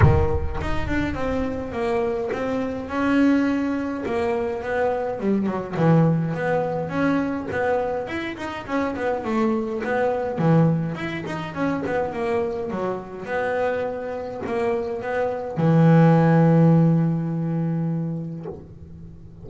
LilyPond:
\new Staff \with { instrumentName = "double bass" } { \time 4/4 \tempo 4 = 104 dis4 dis'8 d'8 c'4 ais4 | c'4 cis'2 ais4 | b4 g8 fis8 e4 b4 | cis'4 b4 e'8 dis'8 cis'8 b8 |
a4 b4 e4 e'8 dis'8 | cis'8 b8 ais4 fis4 b4~ | b4 ais4 b4 e4~ | e1 | }